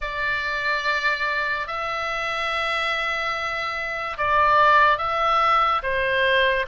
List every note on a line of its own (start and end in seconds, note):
0.01 1.67 D5
1.67 4.17 E5
4.17 4.98 D5
4.98 5.81 E5
5.83 6.66 C5